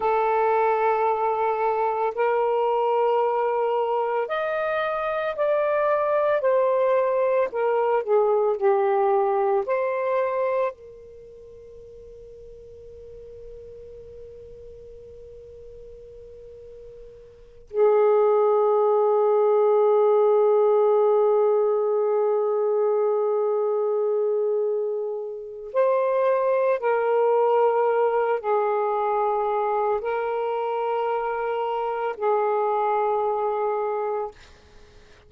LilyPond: \new Staff \with { instrumentName = "saxophone" } { \time 4/4 \tempo 4 = 56 a'2 ais'2 | dis''4 d''4 c''4 ais'8 gis'8 | g'4 c''4 ais'2~ | ais'1~ |
ais'8 gis'2.~ gis'8~ | gis'1 | c''4 ais'4. gis'4. | ais'2 gis'2 | }